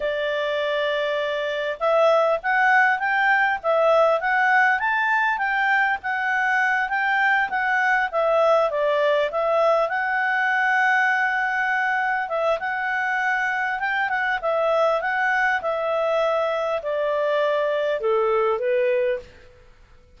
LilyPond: \new Staff \with { instrumentName = "clarinet" } { \time 4/4 \tempo 4 = 100 d''2. e''4 | fis''4 g''4 e''4 fis''4 | a''4 g''4 fis''4. g''8~ | g''8 fis''4 e''4 d''4 e''8~ |
e''8 fis''2.~ fis''8~ | fis''8 e''8 fis''2 g''8 fis''8 | e''4 fis''4 e''2 | d''2 a'4 b'4 | }